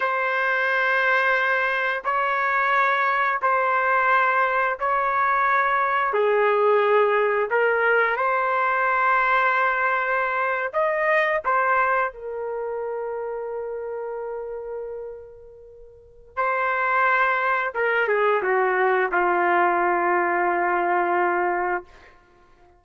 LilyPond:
\new Staff \with { instrumentName = "trumpet" } { \time 4/4 \tempo 4 = 88 c''2. cis''4~ | cis''4 c''2 cis''4~ | cis''4 gis'2 ais'4 | c''2.~ c''8. dis''16~ |
dis''8. c''4 ais'2~ ais'16~ | ais'1 | c''2 ais'8 gis'8 fis'4 | f'1 | }